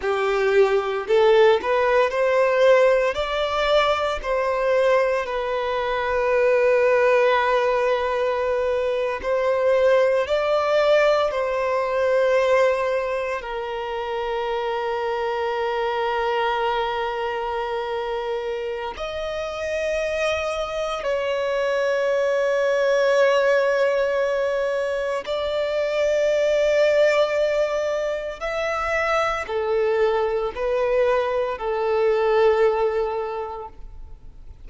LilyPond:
\new Staff \with { instrumentName = "violin" } { \time 4/4 \tempo 4 = 57 g'4 a'8 b'8 c''4 d''4 | c''4 b'2.~ | b'8. c''4 d''4 c''4~ c''16~ | c''8. ais'2.~ ais'16~ |
ais'2 dis''2 | cis''1 | d''2. e''4 | a'4 b'4 a'2 | }